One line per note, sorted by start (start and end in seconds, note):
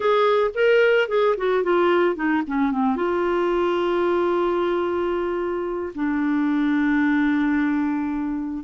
0.00 0.50 G#4
0.54 1.08 A#4
1.08 1.35 G#4
1.37 1.63 F#4
1.63 2.15 F4
2.15 2.42 D#4
2.47 2.71 C#4
2.71 2.96 C4
2.96 5.93 F4
5.95 8.64 D4